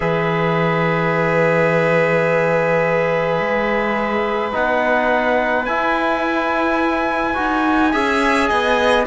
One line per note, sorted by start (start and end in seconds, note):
0.00 3.40 E3
0.00 4.52 G#4
0.00 7.92 B4
0.00 4.51 E5
3.40 4.53 G#3
4.52 5.67 B3
4.52 5.65 D#4
4.52 5.65 F#5
5.65 7.37 E4
5.65 7.34 E4
5.65 9.04 G#5
7.34 7.93 D#4
7.34 7.91 F#4
7.92 8.50 C#4
7.92 9.06 G#4
7.92 8.48 E5
8.49 9.06 B3
8.49 9.05 D#5